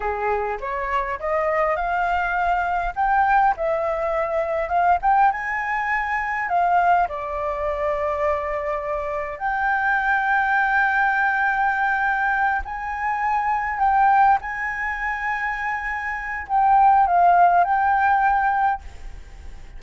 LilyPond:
\new Staff \with { instrumentName = "flute" } { \time 4/4 \tempo 4 = 102 gis'4 cis''4 dis''4 f''4~ | f''4 g''4 e''2 | f''8 g''8 gis''2 f''4 | d''1 |
g''1~ | g''4. gis''2 g''8~ | g''8 gis''2.~ gis''8 | g''4 f''4 g''2 | }